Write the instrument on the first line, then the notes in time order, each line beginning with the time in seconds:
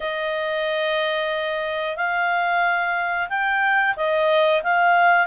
clarinet
0.00 D#5
1.96 F5
3.29 G5
3.96 D#5
4.63 F5